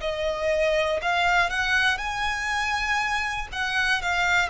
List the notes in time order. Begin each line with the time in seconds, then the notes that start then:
0.00 D#5
1.01 F5
1.49 F#5
1.98 G#5
3.52 F#5
4.01 F5